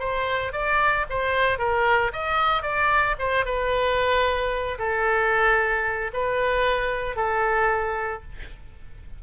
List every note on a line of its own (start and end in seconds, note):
0.00 0.53 C5
0.53 1.06 D5
1.10 1.59 C5
1.59 2.12 A#4
2.13 2.63 D#5
2.63 3.16 D5
3.19 3.46 C5
3.46 4.78 B4
4.79 6.12 A4
6.14 7.17 B4
7.17 8.23 A4